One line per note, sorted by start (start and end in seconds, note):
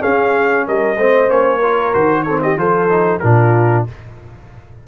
0.00 0.96 C#4
0.00 0.67 C#4
0.00 0.65 G#4
0.00 0.66 F5
0.67 0.97 G3
0.67 0.97 A#4
0.67 1.30 D#5
0.97 1.29 A3
0.97 1.28 C4
0.97 1.58 C5
1.28 1.94 A#3
1.28 1.60 C#4
1.28 1.94 C#5
1.58 1.94 F4
1.58 2.22 A#4
1.94 2.56 D#3
1.94 2.26 F#4
1.94 2.23 C5
2.23 2.57 C4
2.23 2.41 A4
2.23 2.39 C#5
2.42 2.59 G4
2.42 2.58 D#5
2.56 3.20 F3
2.56 2.89 F4
2.56 3.23 A4
2.56 3.19 C5
2.89 3.21 D#4
3.19 3.87 A#2
3.19 3.87 D4
3.19 3.87 F4
3.19 3.83 A#4